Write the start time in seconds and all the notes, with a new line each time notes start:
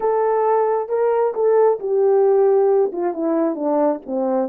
0.00 A4
0.88 A#4
1.34 A4
1.79 G4
2.92 F4
3.13 E4
3.55 D4
4.05 C4